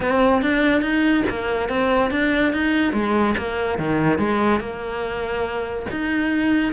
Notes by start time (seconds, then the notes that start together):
0.00 C4
0.41 D4
0.81 D#4
1.29 A#3
1.68 C4
2.10 D4
2.53 D#4
2.93 G#3
3.37 A#3
3.78 D#3
4.18 G#3
4.60 A#3
5.90 D#4